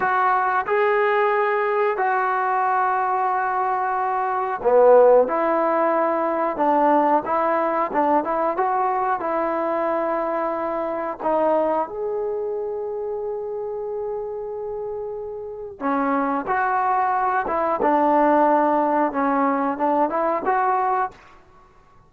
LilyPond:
\new Staff \with { instrumentName = "trombone" } { \time 4/4 \tempo 4 = 91 fis'4 gis'2 fis'4~ | fis'2. b4 | e'2 d'4 e'4 | d'8 e'8 fis'4 e'2~ |
e'4 dis'4 gis'2~ | gis'1 | cis'4 fis'4. e'8 d'4~ | d'4 cis'4 d'8 e'8 fis'4 | }